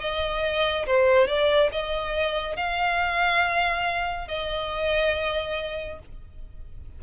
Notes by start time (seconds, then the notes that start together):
0.00 D#5
0.86 C5
1.27 D5
1.71 D#5
2.56 F5
4.27 D#5